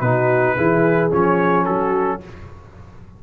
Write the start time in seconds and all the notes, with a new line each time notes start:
0.00 B2 D#4 F#4 B4
0.55 E3 E4 G#4
1.10 F3 C#4 C#5
1.65 F#3 F#4 A4